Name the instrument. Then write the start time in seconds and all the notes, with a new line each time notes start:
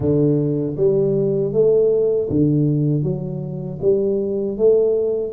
tuba
0.00 D3
0.76 G3
1.52 A3
2.29 D3
3.03 F#3
3.81 G3
4.57 A3